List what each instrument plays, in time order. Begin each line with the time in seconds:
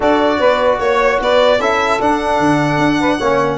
0.00 tuba D4, trombone F#4, saxophone A4, violin D5
0.38 tuba B3, saxophone B4
0.79 tuba A#3, violin C#5, saxophone C#5
1.20 tuba B3, saxophone B4, violin D5
1.59 tuba C#4, trombone E4, saxophone A4, violin E5
1.99 tuba D4, trombone D4, violin F#5
2.39 tuba D3
2.78 tuba D4
2.99 saxophone B4
3.17 tuba A#3, saxophone C#5
3.23 trombone C#4